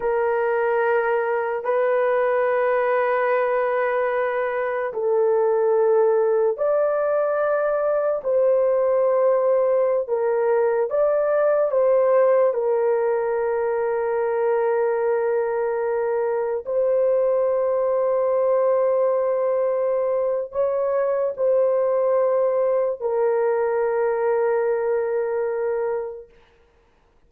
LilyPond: \new Staff \with { instrumentName = "horn" } { \time 4/4 \tempo 4 = 73 ais'2 b'2~ | b'2 a'2 | d''2 c''2~ | c''16 ais'4 d''4 c''4 ais'8.~ |
ais'1~ | ais'16 c''2.~ c''8.~ | c''4 cis''4 c''2 | ais'1 | }